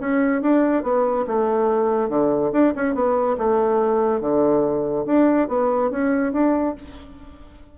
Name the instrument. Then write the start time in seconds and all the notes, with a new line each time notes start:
bassoon
0.00 C#4
0.41 D4
0.83 B3
1.27 A3
2.09 D3
2.52 D4
2.75 C#4
2.94 B3
3.37 A3
4.20 D3
5.05 D4
5.48 B3
5.90 C#4
6.32 D4